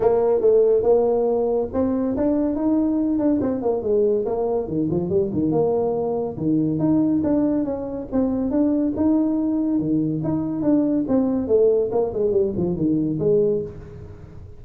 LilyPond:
\new Staff \with { instrumentName = "tuba" } { \time 4/4 \tempo 4 = 141 ais4 a4 ais2 | c'4 d'4 dis'4. d'8 | c'8 ais8 gis4 ais4 dis8 f8 | g8 dis8 ais2 dis4 |
dis'4 d'4 cis'4 c'4 | d'4 dis'2 dis4 | dis'4 d'4 c'4 a4 | ais8 gis8 g8 f8 dis4 gis4 | }